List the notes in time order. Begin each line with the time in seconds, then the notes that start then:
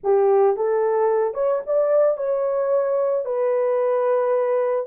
0.03 G4
0.56 A4
1.34 C#5
1.66 D5
2.17 C#5
3.25 B4